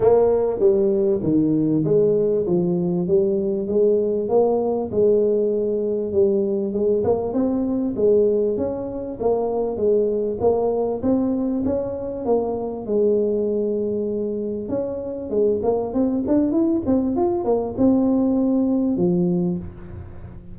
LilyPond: \new Staff \with { instrumentName = "tuba" } { \time 4/4 \tempo 4 = 98 ais4 g4 dis4 gis4 | f4 g4 gis4 ais4 | gis2 g4 gis8 ais8 | c'4 gis4 cis'4 ais4 |
gis4 ais4 c'4 cis'4 | ais4 gis2. | cis'4 gis8 ais8 c'8 d'8 e'8 c'8 | f'8 ais8 c'2 f4 | }